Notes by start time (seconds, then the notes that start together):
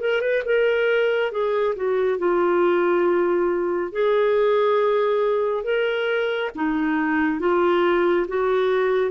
0.00 A#4
0.21 B4
0.45 A#4
1.31 G#4
1.75 F#4
2.18 F4
3.92 G#4
5.63 A#4
6.55 D#4
7.39 F4
8.28 F#4